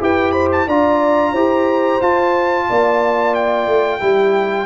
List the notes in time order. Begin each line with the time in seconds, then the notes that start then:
0.00 E4 G4 B4 G5
0.32 C5 B5
0.52 A5
0.67 D4 F4 D5 A#5
1.32 E4 G4 C5
2.02 F4 A5
2.69 A#3 D5
3.35 G5
3.67 A3
4.00 G3 E4 G4